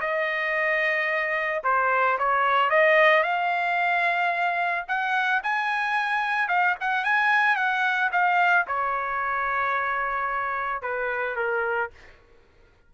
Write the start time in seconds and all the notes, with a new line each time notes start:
0.00 D#5
1.63 C5
2.18 C#5
2.70 D#5
3.23 F5
4.87 F#5
5.43 G#5
6.48 F5
6.80 F#5
7.04 G#5
7.56 F#5
8.12 F5
8.67 C#5
10.82 B4
11.36 A#4